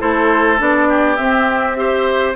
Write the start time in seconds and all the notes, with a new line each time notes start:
0.00 A3 E4 A4 C5
0.59 B3 D4 D5
0.89 G4
1.17 C4 E5
1.77 G4 C5